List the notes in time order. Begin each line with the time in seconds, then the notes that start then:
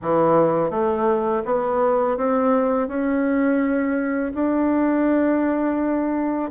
0.02 E3
0.70 A3
1.45 B3
2.17 C4
2.88 C#4
4.34 D4